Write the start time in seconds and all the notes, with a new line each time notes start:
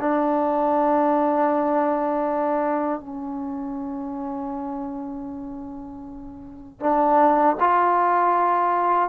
0.00 D4
3.00 C#4
6.80 D4
7.60 F4